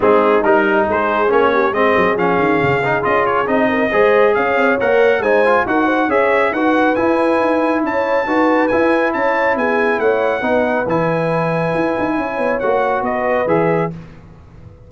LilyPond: <<
  \new Staff \with { instrumentName = "trumpet" } { \time 4/4 \tempo 4 = 138 gis'4 ais'4 c''4 cis''4 | dis''4 f''2 dis''8 cis''8 | dis''2 f''4 fis''4 | gis''4 fis''4 e''4 fis''4 |
gis''2 a''2 | gis''4 a''4 gis''4 fis''4~ | fis''4 gis''2.~ | gis''4 fis''4 dis''4 e''4 | }
  \new Staff \with { instrumentName = "horn" } { \time 4/4 dis'2 gis'4. g'8 | gis'1~ | gis'8 ais'8 c''4 cis''2 | c''4 ais'8 c''8 cis''4 b'4~ |
b'2 cis''4 b'4~ | b'4 cis''4 gis'4 cis''4 | b'1 | cis''2 b'2 | }
  \new Staff \with { instrumentName = "trombone" } { \time 4/4 c'4 dis'2 cis'4 | c'4 cis'4. dis'8 f'4 | dis'4 gis'2 ais'4 | dis'8 f'8 fis'4 gis'4 fis'4 |
e'2. fis'4 | e'1 | dis'4 e'2.~ | e'4 fis'2 gis'4 | }
  \new Staff \with { instrumentName = "tuba" } { \time 4/4 gis4 g4 gis4 ais4 | gis8 fis8 f8 dis8 cis4 cis'4 | c'4 gis4 cis'8 c'8 ais4 | gis4 dis'4 cis'4 dis'4 |
e'4 dis'4 cis'4 dis'4 | e'4 cis'4 b4 a4 | b4 e2 e'8 dis'8 | cis'8 b8 ais4 b4 e4 | }
>>